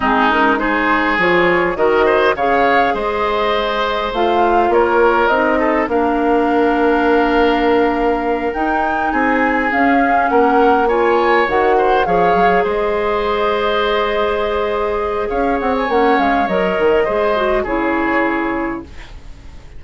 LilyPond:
<<
  \new Staff \with { instrumentName = "flute" } { \time 4/4 \tempo 4 = 102 gis'8 ais'8 c''4 cis''4 dis''4 | f''4 dis''2 f''4 | cis''4 dis''4 f''2~ | f''2~ f''8 g''4 gis''8~ |
gis''8 f''4 fis''4 gis''4 fis''8~ | fis''8 f''4 dis''2~ dis''8~ | dis''2 f''8 fis''16 gis''16 fis''8 f''8 | dis''2 cis''2 | }
  \new Staff \with { instrumentName = "oboe" } { \time 4/4 dis'4 gis'2 ais'8 c''8 | cis''4 c''2. | ais'4. a'8 ais'2~ | ais'2.~ ais'8 gis'8~ |
gis'4. ais'4 cis''4. | c''8 cis''4 c''2~ c''8~ | c''2 cis''2~ | cis''4 c''4 gis'2 | }
  \new Staff \with { instrumentName = "clarinet" } { \time 4/4 c'8 cis'8 dis'4 f'4 fis'4 | gis'2. f'4~ | f'4 dis'4 d'2~ | d'2~ d'8 dis'4.~ |
dis'8 cis'2 f'4 fis'8~ | fis'8 gis'2.~ gis'8~ | gis'2. cis'4 | ais'4 gis'8 fis'8 e'2 | }
  \new Staff \with { instrumentName = "bassoon" } { \time 4/4 gis2 f4 dis4 | cis4 gis2 a4 | ais4 c'4 ais2~ | ais2~ ais8 dis'4 c'8~ |
c'8 cis'4 ais2 dis8~ | dis8 f8 fis8 gis2~ gis8~ | gis2 cis'8 c'8 ais8 gis8 | fis8 dis8 gis4 cis2 | }
>>